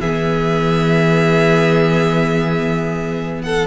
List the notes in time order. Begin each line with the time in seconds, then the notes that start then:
0.00 E3 B3 G#4 E5
3.43 A4 F#5